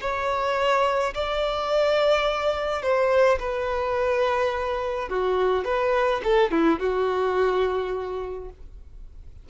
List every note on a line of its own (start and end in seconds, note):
0.00 1.13 C#5
1.14 2.82 D5
2.82 3.38 C5
3.39 5.08 B4
5.08 5.64 F#4
5.64 6.21 B4
6.23 6.50 A4
6.50 6.79 E4
6.79 8.49 F#4